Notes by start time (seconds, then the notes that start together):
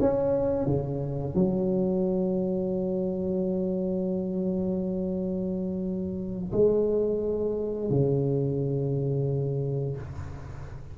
0.00 C#4
0.66 C#3
1.34 F#3
6.52 G#3
7.90 C#3